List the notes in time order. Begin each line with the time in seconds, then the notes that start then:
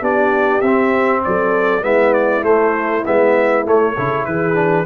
0.00 B3 D4 G4 D5
0.60 C4 E5
1.24 F#3 A4 D5
1.81 G#3 B3 E4 E5
2.13 D5
2.42 A3 C5
3.05 G#3 B3 E5
3.65 A3 C#5
3.94 C#3 E4 A4
4.25 E3 G#4 B4
4.54 D4